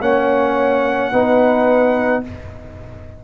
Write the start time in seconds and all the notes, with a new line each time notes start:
0.00 A#3 C#4 C#5 F#5
1.12 B3 D#4 B4